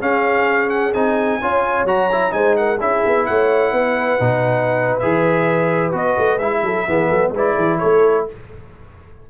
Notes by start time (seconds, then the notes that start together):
0.00 C#4 G#4 F5
0.69 F#5
0.93 C4 D#4 G#5
1.41 C#4 F4 C#5
1.84 F#3 F#4 A#5
2.12 E4
2.30 G#3 D#4 C5 G#5
2.56 A#4 F#5
2.80 C#4 E4 G#4 E5
3.05 B3
3.25 A3 C#5 F#5
3.72 B3 B4
4.19 B2 D#4
4.99 E3 G#4 E5
5.91 B3 F#4 D#5
6.17 A3
6.38 G#3 E4 E5
6.62 F#3 A4
6.87 E3 B3 G#4
7.08 F#3 A4
7.30 G#3 E4 B4
7.37 D5
7.55 E3 G#4
7.78 A3 A4 C#5